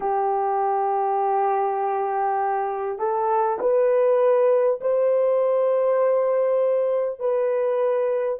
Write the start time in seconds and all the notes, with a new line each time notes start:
0.00 G4
2.98 A4
3.59 B4
4.81 C5
7.19 B4